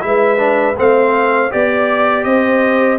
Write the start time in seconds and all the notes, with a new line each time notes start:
0.00 G#3 E4 B4 E5
0.37 D4
0.77 A3 C4 C5 F5
1.50 B3 G4 D5
2.23 C4 C5 D#5